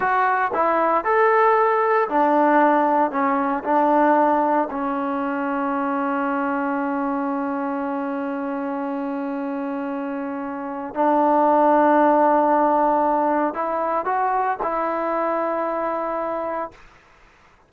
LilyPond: \new Staff \with { instrumentName = "trombone" } { \time 4/4 \tempo 4 = 115 fis'4 e'4 a'2 | d'2 cis'4 d'4~ | d'4 cis'2.~ | cis'1~ |
cis'1~ | cis'4 d'2.~ | d'2 e'4 fis'4 | e'1 | }